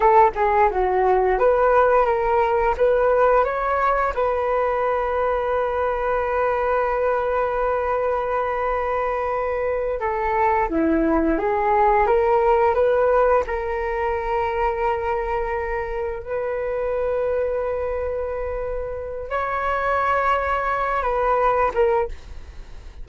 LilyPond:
\new Staff \with { instrumentName = "flute" } { \time 4/4 \tempo 4 = 87 a'8 gis'8 fis'4 b'4 ais'4 | b'4 cis''4 b'2~ | b'1~ | b'2~ b'8 a'4 e'8~ |
e'8 gis'4 ais'4 b'4 ais'8~ | ais'2.~ ais'8 b'8~ | b'1 | cis''2~ cis''8 b'4 ais'8 | }